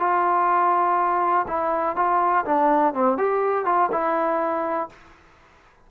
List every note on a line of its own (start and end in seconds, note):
0.00 1.46 F4
1.48 1.96 E4
1.96 2.45 F4
2.46 2.94 D4
2.94 3.18 C4
3.18 3.66 G4
3.66 3.90 F4
3.92 4.90 E4